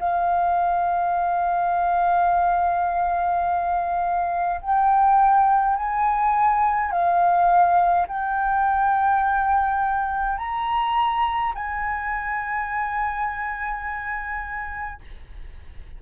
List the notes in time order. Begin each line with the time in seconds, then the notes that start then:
0.00 F5
4.62 G5
5.77 G#5
6.92 F5
8.08 G5
10.38 A#5
11.55 G#5